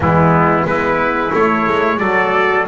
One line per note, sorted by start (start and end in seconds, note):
0.00 0.63 E3
0.00 0.64 G#3
0.00 0.67 B3
0.00 0.66 E4
0.64 1.31 G#3
0.64 1.30 B3
0.64 2.00 E4
0.64 1.33 B4
1.33 1.67 A3
1.33 1.97 A3
1.33 1.98 C#5
1.67 2.00 G#3
1.97 2.67 F#3
1.97 2.64 F#4
1.97 2.66 A4
1.97 2.65 D5